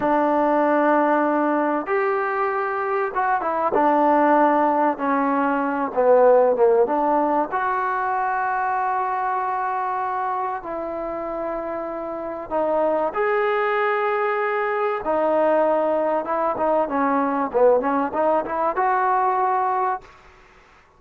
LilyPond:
\new Staff \with { instrumentName = "trombone" } { \time 4/4 \tempo 4 = 96 d'2. g'4~ | g'4 fis'8 e'8 d'2 | cis'4. b4 ais8 d'4 | fis'1~ |
fis'4 e'2. | dis'4 gis'2. | dis'2 e'8 dis'8 cis'4 | b8 cis'8 dis'8 e'8 fis'2 | }